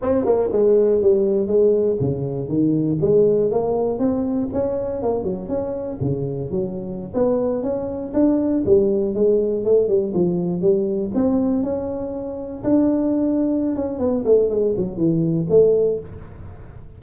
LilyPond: \new Staff \with { instrumentName = "tuba" } { \time 4/4 \tempo 4 = 120 c'8 ais8 gis4 g4 gis4 | cis4 dis4 gis4 ais4 | c'4 cis'4 ais8 fis8 cis'4 | cis4 fis4~ fis16 b4 cis'8.~ |
cis'16 d'4 g4 gis4 a8 g16~ | g16 f4 g4 c'4 cis'8.~ | cis'4~ cis'16 d'2~ d'16 cis'8 | b8 a8 gis8 fis8 e4 a4 | }